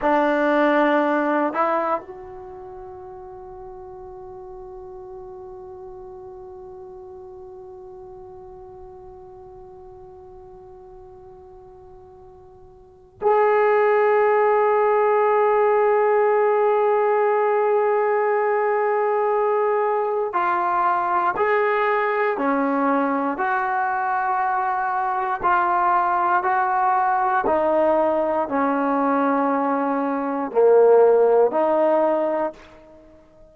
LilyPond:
\new Staff \with { instrumentName = "trombone" } { \time 4/4 \tempo 4 = 59 d'4. e'8 fis'2~ | fis'1~ | fis'1~ | fis'4 gis'2.~ |
gis'1 | f'4 gis'4 cis'4 fis'4~ | fis'4 f'4 fis'4 dis'4 | cis'2 ais4 dis'4 | }